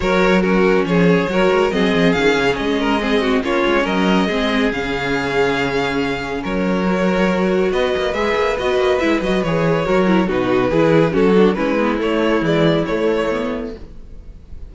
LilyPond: <<
  \new Staff \with { instrumentName = "violin" } { \time 4/4 \tempo 4 = 140 cis''4 ais'4 cis''2 | dis''4 f''4 dis''2 | cis''4 dis''2 f''4~ | f''2. cis''4~ |
cis''2 dis''4 e''4 | dis''4 e''8 dis''8 cis''2 | b'2 a'4 b'4 | cis''4 d''4 cis''2 | }
  \new Staff \with { instrumentName = "violin" } { \time 4/4 ais'4 fis'4 gis'4 ais'4 | gis'2~ gis'8 ais'8 gis'8 fis'8 | f'4 ais'4 gis'2~ | gis'2. ais'4~ |
ais'2 b'2~ | b'2. ais'4 | fis'4 gis'4 fis'4 e'4~ | e'1 | }
  \new Staff \with { instrumentName = "viola" } { \time 4/4 fis'4 cis'2 fis'4 | c'4 cis'2 c'4 | cis'2 c'4 cis'4~ | cis'1 |
fis'2. gis'4 | fis'4 e'8 fis'8 gis'4 fis'8 e'8 | dis'4 e'4 cis'8 d'8 cis'8 b8 | a4 gis4 a4 b4 | }
  \new Staff \with { instrumentName = "cello" } { \time 4/4 fis2 f4 fis8 gis8 | fis8 f8 dis8 cis8 gis2 | ais8 gis8 fis4 gis4 cis4~ | cis2. fis4~ |
fis2 b8 ais8 gis8 ais8 | b8 ais8 gis8 fis8 e4 fis4 | b,4 e4 fis4 gis4 | a4 e4 a2 | }
>>